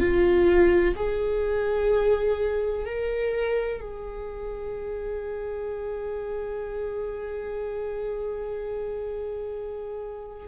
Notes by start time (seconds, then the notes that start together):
0.00 F4
0.96 G#4
2.86 A#4
3.81 G#4